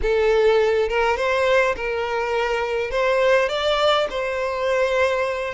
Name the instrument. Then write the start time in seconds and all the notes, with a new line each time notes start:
violin
0.02 A4
0.88 A#4
1.17 C5
1.76 A#4
2.90 C5
3.48 D5
4.10 C5